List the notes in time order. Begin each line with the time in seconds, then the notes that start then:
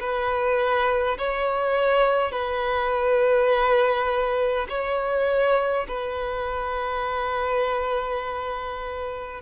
0.00 B4
1.18 C#5
2.32 B4
4.69 C#5
5.88 B4